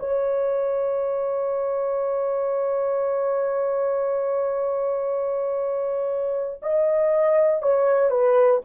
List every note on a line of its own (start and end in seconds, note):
0.00 6.61 C#5
6.62 7.63 D#5
7.63 8.11 C#5
8.11 8.62 B4